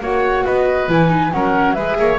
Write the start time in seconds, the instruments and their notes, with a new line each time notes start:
0.00 double bass A#3, viola F#4, oboe C#5, flute F#5
0.44 double bass B3, oboe B4, flute D#5
0.88 double bass E3, viola E4, flute G#5
1.08 viola D#4
1.32 double bass F#3, viola C#4, oboe A#4, flute F#5
1.74 double bass G#3, viola G#4, oboe B4, flute E5
1.99 double bass A#3, oboe C#5